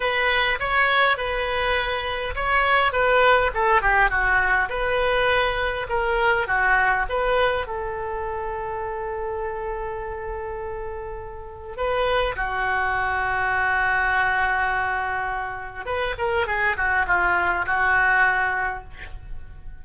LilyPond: \new Staff \with { instrumentName = "oboe" } { \time 4/4 \tempo 4 = 102 b'4 cis''4 b'2 | cis''4 b'4 a'8 g'8 fis'4 | b'2 ais'4 fis'4 | b'4 a'2.~ |
a'1 | b'4 fis'2.~ | fis'2. b'8 ais'8 | gis'8 fis'8 f'4 fis'2 | }